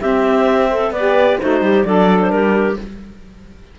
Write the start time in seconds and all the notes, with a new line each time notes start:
0.00 C4 G4 E5
0.71 A4
0.91 B3 B4 D5
0.98 G4
1.40 A3 D#4 F#4 C5
1.61 G3 G4
1.84 F#3 D4 A4 D5
2.22 C5
2.30 G3 G4 A#4